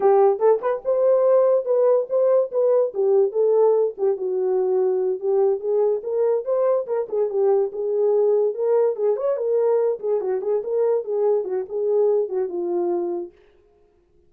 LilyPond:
\new Staff \with { instrumentName = "horn" } { \time 4/4 \tempo 4 = 144 g'4 a'8 b'8 c''2 | b'4 c''4 b'4 g'4 | a'4. g'8 fis'2~ | fis'8 g'4 gis'4 ais'4 c''8~ |
c''8 ais'8 gis'8 g'4 gis'4.~ | gis'8 ais'4 gis'8 cis''8 ais'4. | gis'8 fis'8 gis'8 ais'4 gis'4 fis'8 | gis'4. fis'8 f'2 | }